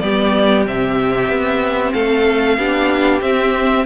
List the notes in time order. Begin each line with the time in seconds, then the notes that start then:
0.00 G3 B3 G4 D5
0.66 C3 C4 E5
1.29 B3
1.93 A3 A4 F5
2.57 B3 D4 G4
3.21 C4 E5